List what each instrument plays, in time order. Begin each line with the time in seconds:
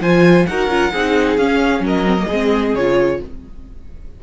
0.00 cello F3, viola F4, violin C5 G#5
0.46 cello D#4, viola F#4, violin A#4 F#5
0.67 cello C#4, viola F4
0.92 cello C4, viola D#4, violin G#4
1.37 cello C#4, viola C#4, violin F5
1.79 cello F#3, violin A#4
1.86 violin D#5
2.05 viola C4
2.17 viola A#3
2.26 cello G#3, viola C4, violin G#4
2.74 cello C#3, viola F4, violin C#5